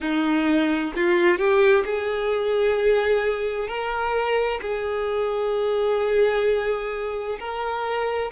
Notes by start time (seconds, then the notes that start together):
0.00 D#4
0.95 F4
1.38 G4
1.85 G#4
3.68 A#4
4.62 G#4
7.39 A#4